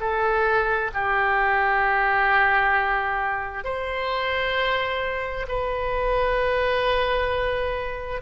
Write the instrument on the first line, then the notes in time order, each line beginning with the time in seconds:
oboe
0.00 A4
0.93 G4
3.64 C5
5.48 B4